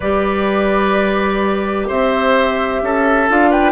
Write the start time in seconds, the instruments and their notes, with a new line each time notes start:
0.00 bassoon G3, clarinet G4, oboe B4, flute D5
1.87 bassoon C4, oboe C5, flute E5
2.81 bassoon C#4, oboe A4
3.29 bassoon D4, clarinet F4, flute F5
3.50 oboe B4, flute G5